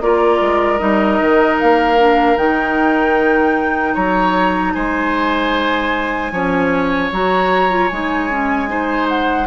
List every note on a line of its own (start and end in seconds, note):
0.00 0.39 A#3
0.00 0.78 F4
0.00 3.94 A#4
0.00 0.78 D5
0.40 0.80 G#3
0.78 1.20 G3
0.78 1.97 D#4
0.78 1.57 D#5
1.20 1.60 D#3
1.59 2.37 A#3
1.59 2.37 F5
1.97 2.36 D4
2.36 3.95 D#3
2.36 6.31 D#4
2.36 3.95 G5
3.94 4.75 F#3
3.94 4.73 C#5
3.94 4.73 A#5
4.73 6.31 G#3
4.73 6.32 C5
4.73 7.10 G#5
6.31 7.10 F3
6.31 7.12 C#4
6.31 8.69 C#5
7.11 7.90 F#3
7.11 7.69 F#4
7.11 7.88 A#5
7.69 7.89 F4
7.88 9.47 G#3
7.88 8.30 D#4
7.88 9.06 G#5
8.30 8.68 C#4
8.68 9.47 D#4
8.68 9.47 C5
9.08 9.47 F#5